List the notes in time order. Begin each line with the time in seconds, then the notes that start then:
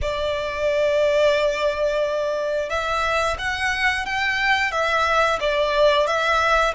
0.01 D5
2.69 E5
3.38 F#5
4.05 G5
4.71 E5
5.40 D5
6.06 E5